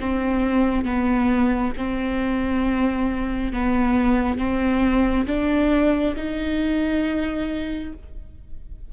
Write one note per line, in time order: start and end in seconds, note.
0.00 0.85 C4
0.85 1.73 B3
1.77 3.53 C4
3.53 4.38 B3
4.38 5.26 C4
5.27 6.15 D4
6.16 7.93 D#4